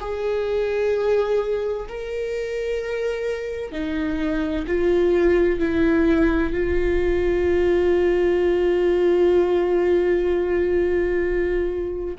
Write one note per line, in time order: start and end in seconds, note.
0.00 1.87 G#4
1.88 3.72 A#4
3.72 4.65 D#4
4.67 5.59 F4
5.59 6.52 E4
6.52 12.15 F4